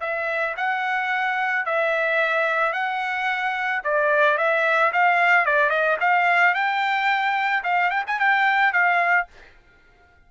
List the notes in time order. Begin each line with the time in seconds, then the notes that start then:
0.00 E5
0.56 F#5
1.65 E5
2.73 F#5
3.84 D5
4.37 E5
4.93 F5
5.45 D5
5.69 D#5
6.00 F5
6.54 G5
7.63 F5
7.90 G5
8.06 G#5
8.19 G5
8.72 F5